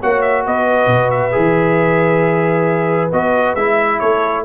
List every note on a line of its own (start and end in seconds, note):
0.00 0.46 A#3
0.00 1.32 F#4
0.00 0.44 C#5
0.00 0.21 F#5
0.21 0.43 E5
0.45 0.86 B3
0.45 4.00 B4
0.45 1.10 D#5
0.86 1.31 B2
1.10 3.10 E5
1.32 3.12 E3
1.32 3.10 G#4
3.12 3.55 B3
3.12 3.57 F#4
3.12 3.55 D#5
3.55 4.00 G#3
3.55 4.45 E4
3.55 3.99 E5
3.99 4.45 A3
3.99 4.45 A4
3.99 4.44 C#5